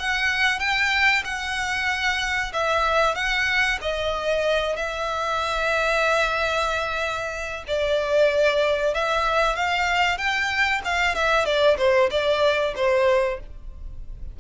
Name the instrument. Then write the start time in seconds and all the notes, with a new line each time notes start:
violin
0.00 F#5
0.60 G5
1.25 F#5
2.53 E5
3.15 F#5
3.82 D#5
4.77 E5
7.68 D5
8.95 E5
9.56 F5
10.18 G5
10.85 F5
11.16 E5
11.46 D5
11.78 C5
12.11 D5
12.76 C5